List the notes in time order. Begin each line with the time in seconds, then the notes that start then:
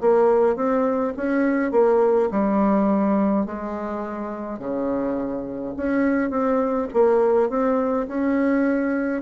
0.00 A#3
0.56 C4
1.16 C#4
1.72 A#3
2.31 G3
3.46 G#3
4.58 C#3
5.76 C#4
6.30 C4
6.93 A#3
7.49 C4
8.07 C#4